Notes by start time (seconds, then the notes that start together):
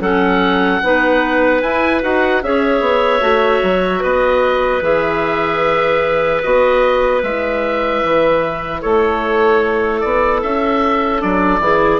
0.00 F#3 C#4 A4 F#5
0.83 B3 D#4 B4
1.62 E4 G#5
2.02 D#4 F#4 F#5
2.43 C#4 G#4 C#5 E5
2.80 B3
3.20 A3 F#4
3.63 F#3
3.99 B3 B4 D#5
4.81 E3 G#4 E5
6.42 B3 F#4 D#5
7.20 G#3 E4 E5
8.03 E3
8.81 A3 A4 C#5
10.00 B3 D5
10.42 C#4 E5
11.18 F#3 D4 D5
11.59 E3 E4 G#4